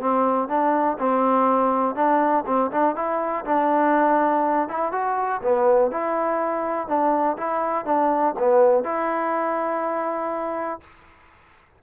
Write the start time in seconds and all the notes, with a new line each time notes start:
0.00 C4
0.48 D4
0.98 C4
1.95 D4
2.46 C4
2.71 D4
2.95 E4
3.45 D4
4.68 E4
4.92 F#4
5.42 B3
5.91 E4
6.87 D4
7.37 E4
7.85 D4
8.39 B3
8.83 E4